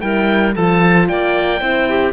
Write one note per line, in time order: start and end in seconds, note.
0.00 0.55 G3
0.00 0.54 E4
0.00 0.55 A#4
0.00 0.54 G5
0.55 1.09 F3
0.55 1.60 F4
0.55 1.08 A4
0.55 1.08 A5
1.08 1.61 A#3
1.08 1.61 D5
1.08 2.13 G5
1.60 2.13 C4
1.60 2.13 E4
1.60 1.88 C5
1.89 2.13 G4